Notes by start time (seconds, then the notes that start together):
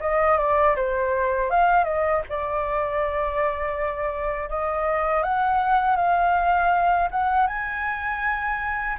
0.00 D#5
0.38 D5
0.76 C5
1.50 F5
1.84 D#5
2.29 D5
4.49 D#5
5.23 F#5
5.96 F5
7.11 F#5
7.47 G#5